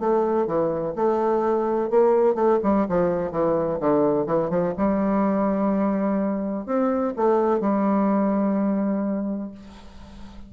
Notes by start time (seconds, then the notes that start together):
0.00 A3
0.47 E3
0.96 A3
1.90 A#3
2.35 A3
2.63 G3
2.89 F3
3.32 E3
3.80 D3
4.27 E3
4.50 F3
4.78 G3
6.66 C4
7.17 A3
7.61 G3